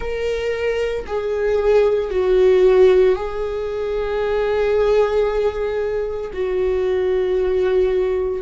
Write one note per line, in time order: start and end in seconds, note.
0.00 1.05 A#4
1.06 2.10 G#4
2.10 3.15 F#4
3.15 6.31 G#4
6.33 8.41 F#4